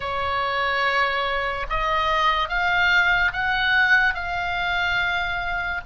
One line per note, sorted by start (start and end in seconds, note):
0.00 1.66 C#5
1.69 2.48 D#5
2.48 3.32 F5
3.33 4.14 F#5
4.14 5.81 F5